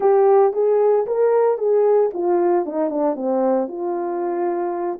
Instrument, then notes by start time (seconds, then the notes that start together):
horn
0.00 G4
0.53 G#4
1.06 A#4
1.58 G#4
2.13 F4
2.65 D#4
2.89 D4
3.15 C4
3.67 F4